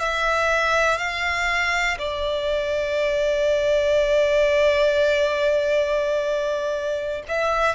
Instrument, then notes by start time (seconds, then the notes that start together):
violin
0.00 E5
0.98 F5
1.98 D5
7.28 E5